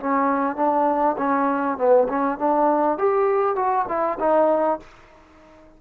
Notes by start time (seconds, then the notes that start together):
0.00 C#4
0.56 D4
1.18 C#4
1.78 B3
2.09 C#4
2.39 D4
2.99 G4
3.56 F#4
3.89 E4
4.20 D#4